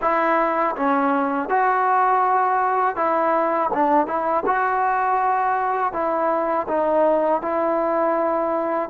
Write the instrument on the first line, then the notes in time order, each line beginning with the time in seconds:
trombone
0.01 E4
0.76 C#4
1.48 F#4
2.96 E4
3.73 D4
4.06 E4
4.46 F#4
5.92 E4
6.68 D#4
7.41 E4